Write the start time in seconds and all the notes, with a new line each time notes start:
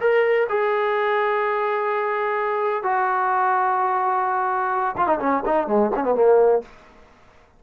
0.00 A#4
0.49 G#4
2.83 F#4
4.97 F4
5.07 D#4
5.19 C#4
5.45 D#4
5.67 G#3
5.95 C#4
6.03 B3
6.15 A#3